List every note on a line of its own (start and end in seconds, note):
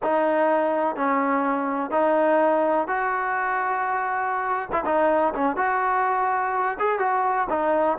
0.02 0.96 D#4
0.96 1.90 C#4
1.90 2.87 D#4
2.87 4.69 F#4
4.72 4.84 E4
4.85 5.33 D#4
5.34 5.56 C#4
5.56 6.77 F#4
6.79 6.99 G#4
6.99 7.47 F#4
7.49 7.98 D#4